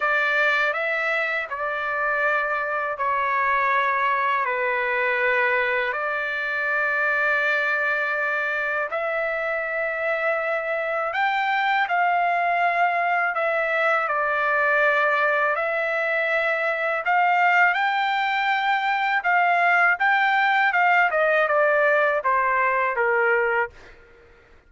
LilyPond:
\new Staff \with { instrumentName = "trumpet" } { \time 4/4 \tempo 4 = 81 d''4 e''4 d''2 | cis''2 b'2 | d''1 | e''2. g''4 |
f''2 e''4 d''4~ | d''4 e''2 f''4 | g''2 f''4 g''4 | f''8 dis''8 d''4 c''4 ais'4 | }